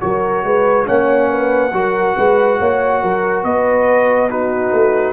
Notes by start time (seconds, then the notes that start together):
0.00 F#3 F#4 A#4 C#5
0.44 G#3 B4
0.86 A#3 C#4 C#5 F#5
1.30 B4
1.72 F#3 F#4 A#4
2.16 G#3 B4
2.59 A#3 C#5
3.02 F#3 A#4
3.44 B3 B4 D#5
4.30 D#4 F#4 B4
4.72 A3